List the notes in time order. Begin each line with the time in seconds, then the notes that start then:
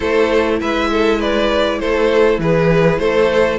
0.00 A3 E4 A4 C5
0.60 G#3 B4 E5
0.90 A4
1.19 B4 D5
1.79 A3 A4 C5
2.38 E3 G#4 B4
2.98 A3 A4 C5